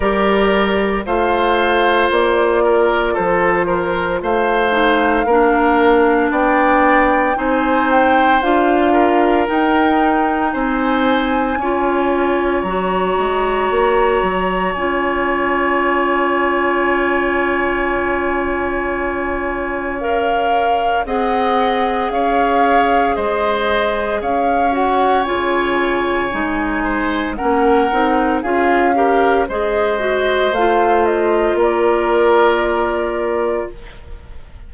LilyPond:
<<
  \new Staff \with { instrumentName = "flute" } { \time 4/4 \tempo 4 = 57 d''4 f''4 d''4 c''4 | f''2 g''4 gis''8 g''8 | f''4 g''4 gis''2 | ais''2 gis''2~ |
gis''2. f''4 | fis''4 f''4 dis''4 f''8 fis''8 | gis''2 fis''4 f''4 | dis''4 f''8 dis''8 d''2 | }
  \new Staff \with { instrumentName = "oboe" } { \time 4/4 ais'4 c''4. ais'8 a'8 ais'8 | c''4 ais'4 d''4 c''4~ | c''8 ais'4. c''4 cis''4~ | cis''1~ |
cis''1 | dis''4 cis''4 c''4 cis''4~ | cis''4. c''8 ais'4 gis'8 ais'8 | c''2 ais'2 | }
  \new Staff \with { instrumentName = "clarinet" } { \time 4/4 g'4 f'2.~ | f'8 dis'8 d'2 dis'4 | f'4 dis'2 f'4 | fis'2 f'2~ |
f'2. ais'4 | gis'2.~ gis'8 fis'8 | f'4 dis'4 cis'8 dis'8 f'8 g'8 | gis'8 fis'8 f'2. | }
  \new Staff \with { instrumentName = "bassoon" } { \time 4/4 g4 a4 ais4 f4 | a4 ais4 b4 c'4 | d'4 dis'4 c'4 cis'4 | fis8 gis8 ais8 fis8 cis'2~ |
cis'1 | c'4 cis'4 gis4 cis'4 | cis4 gis4 ais8 c'8 cis'4 | gis4 a4 ais2 | }
>>